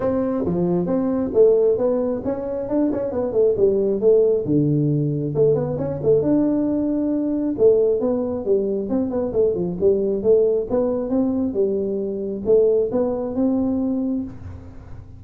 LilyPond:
\new Staff \with { instrumentName = "tuba" } { \time 4/4 \tempo 4 = 135 c'4 f4 c'4 a4 | b4 cis'4 d'8 cis'8 b8 a8 | g4 a4 d2 | a8 b8 cis'8 a8 d'2~ |
d'4 a4 b4 g4 | c'8 b8 a8 f8 g4 a4 | b4 c'4 g2 | a4 b4 c'2 | }